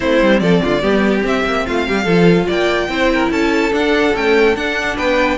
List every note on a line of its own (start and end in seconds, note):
0.00 0.22 A3
0.00 0.79 C4
0.00 0.41 E4
0.00 0.39 C5
0.22 0.40 G3
0.39 0.61 F3
0.39 0.62 A4
0.39 1.22 D5
0.62 0.83 D3
0.62 0.81 F4
0.81 1.23 G3
0.81 1.21 B3
0.81 1.64 G4
1.21 2.04 C4
1.21 1.44 C4
1.21 1.66 E5
1.44 1.65 A#3
1.66 1.88 A3
1.66 1.87 F4
1.66 2.49 F5
1.87 2.05 G3
1.87 2.04 G4
2.04 2.47 F3
2.04 2.89 F4
2.04 2.45 A4
2.47 2.88 A#3
2.47 2.88 D5
2.47 3.31 G5
2.88 3.29 C4
2.88 3.71 E4
2.88 3.12 C5
3.13 3.31 A#4
3.30 3.71 C#4
3.30 4.96 A4
3.30 3.72 A5
3.71 4.12 D4
3.71 4.14 D4
3.71 4.16 F#5
4.14 4.55 A3
4.14 4.55 C#4
4.14 4.56 G5
4.55 5.38 D4
4.55 4.97 D4
4.55 4.97 F#5
4.96 5.38 B3
4.96 5.37 B4
4.96 5.38 G5